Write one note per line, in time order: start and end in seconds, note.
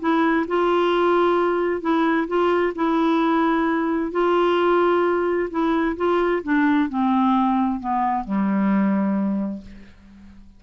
0.00 0.46 E4
0.47 1.81 F4
1.81 2.27 E4
2.27 2.73 F4
2.75 4.12 E4
4.12 5.49 F4
5.50 5.96 E4
5.96 6.42 F4
6.43 6.89 D4
6.89 7.80 C4
7.80 8.24 B3
8.24 9.62 G3